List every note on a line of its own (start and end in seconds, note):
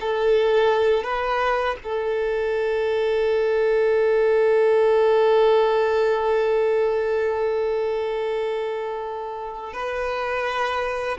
0.00 1.03 A4
1.03 1.75 B4
1.83 9.73 A4
9.73 11.17 B4